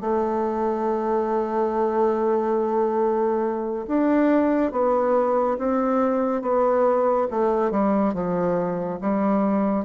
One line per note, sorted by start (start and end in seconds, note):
0.00 3.86 A3
3.87 4.71 D4
4.71 5.57 B3
5.58 6.41 C4
6.41 7.27 B3
7.31 7.71 A3
7.71 8.14 G3
8.14 8.99 F3
9.01 9.85 G3